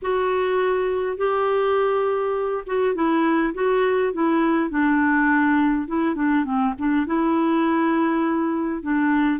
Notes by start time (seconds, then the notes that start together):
0.02 F#4
1.17 G4
2.66 F#4
2.94 E4
3.54 F#4
4.13 E4
4.70 D4
5.87 E4
6.15 D4
6.44 C4
6.78 D4
7.06 E4
8.82 D4